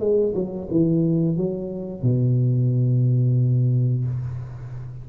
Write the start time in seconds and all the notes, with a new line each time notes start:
0.00 G#3
0.35 F#3
0.71 E3
1.37 F#3
2.03 B2